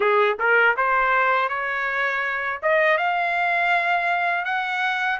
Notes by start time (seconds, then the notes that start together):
0.00 G#4
0.39 A#4
0.76 C5
1.48 C#5
2.62 D#5
2.97 F5
4.44 F#5